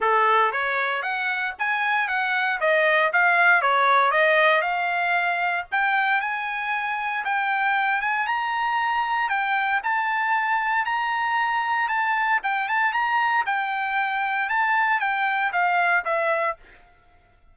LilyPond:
\new Staff \with { instrumentName = "trumpet" } { \time 4/4 \tempo 4 = 116 a'4 cis''4 fis''4 gis''4 | fis''4 dis''4 f''4 cis''4 | dis''4 f''2 g''4 | gis''2 g''4. gis''8 |
ais''2 g''4 a''4~ | a''4 ais''2 a''4 | g''8 a''8 ais''4 g''2 | a''4 g''4 f''4 e''4 | }